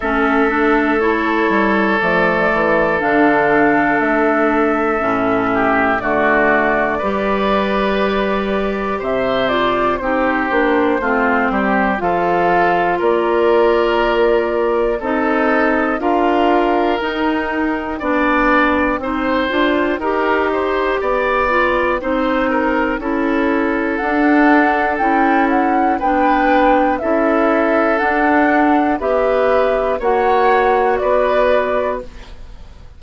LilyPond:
<<
  \new Staff \with { instrumentName = "flute" } { \time 4/4 \tempo 4 = 60 e''4 cis''4 d''4 f''4 | e''2 d''2~ | d''4 e''8 d''8 c''2 | f''4 d''2 dis''4 |
f''4 g''2.~ | g''1 | fis''4 g''8 fis''8 g''4 e''4 | fis''4 e''4 fis''4 d''4 | }
  \new Staff \with { instrumentName = "oboe" } { \time 4/4 a'1~ | a'4. g'8 fis'4 b'4~ | b'4 c''4 g'4 f'8 g'8 | a'4 ais'2 a'4 |
ais'2 d''4 c''4 | ais'8 c''8 d''4 c''8 ais'8 a'4~ | a'2 b'4 a'4~ | a'4 b'4 cis''4 b'4 | }
  \new Staff \with { instrumentName = "clarinet" } { \time 4/4 cis'8 d'8 e'4 a4 d'4~ | d'4 cis'4 a4 g'4~ | g'4. f'8 dis'8 d'8 c'4 | f'2. dis'4 |
f'4 dis'4 d'4 dis'8 f'8 | g'4. f'8 dis'4 e'4 | d'4 e'4 d'4 e'4 | d'4 g'4 fis'2 | }
  \new Staff \with { instrumentName = "bassoon" } { \time 4/4 a4. g8 f8 e8 d4 | a4 a,4 d4 g4~ | g4 c4 c'8 ais8 a8 g8 | f4 ais2 c'4 |
d'4 dis'4 b4 c'8 d'8 | dis'4 b4 c'4 cis'4 | d'4 cis'4 b4 cis'4 | d'4 b4 ais4 b4 | }
>>